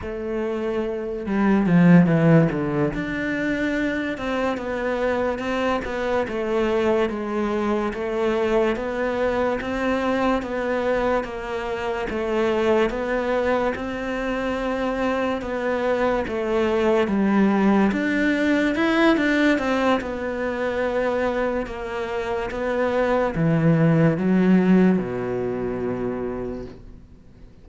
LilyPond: \new Staff \with { instrumentName = "cello" } { \time 4/4 \tempo 4 = 72 a4. g8 f8 e8 d8 d'8~ | d'4 c'8 b4 c'8 b8 a8~ | a8 gis4 a4 b4 c'8~ | c'8 b4 ais4 a4 b8~ |
b8 c'2 b4 a8~ | a8 g4 d'4 e'8 d'8 c'8 | b2 ais4 b4 | e4 fis4 b,2 | }